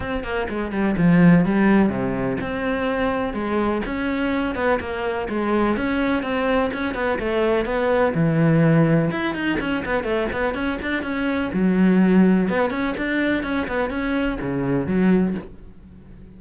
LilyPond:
\new Staff \with { instrumentName = "cello" } { \time 4/4 \tempo 4 = 125 c'8 ais8 gis8 g8 f4 g4 | c4 c'2 gis4 | cis'4. b8 ais4 gis4 | cis'4 c'4 cis'8 b8 a4 |
b4 e2 e'8 dis'8 | cis'8 b8 a8 b8 cis'8 d'8 cis'4 | fis2 b8 cis'8 d'4 | cis'8 b8 cis'4 cis4 fis4 | }